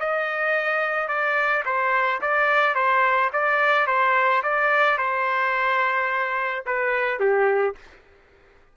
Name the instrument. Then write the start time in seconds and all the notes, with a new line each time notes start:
trumpet
0.00 D#5
1.08 D5
1.65 C5
2.22 D5
2.75 C5
3.33 D5
3.87 C5
4.43 D5
4.98 C5
6.66 B4
7.20 G4